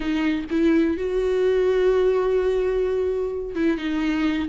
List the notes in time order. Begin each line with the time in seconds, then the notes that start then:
0.00 D#4
0.50 E4
0.97 F#4
3.55 E4
3.77 D#4